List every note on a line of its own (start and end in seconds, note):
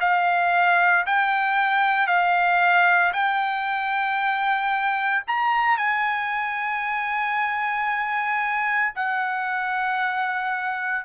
0.00 1.05 F5
1.06 2.07 G5
2.07 3.12 F5
3.13 5.23 G5
5.27 5.78 A#5
5.78 8.93 G#5
8.95 11.05 F#5